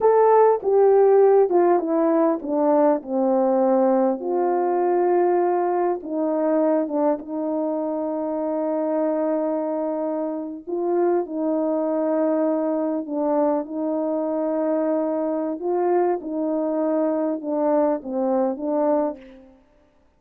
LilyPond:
\new Staff \with { instrumentName = "horn" } { \time 4/4 \tempo 4 = 100 a'4 g'4. f'8 e'4 | d'4 c'2 f'4~ | f'2 dis'4. d'8 | dis'1~ |
dis'4.~ dis'16 f'4 dis'4~ dis'16~ | dis'4.~ dis'16 d'4 dis'4~ dis'16~ | dis'2 f'4 dis'4~ | dis'4 d'4 c'4 d'4 | }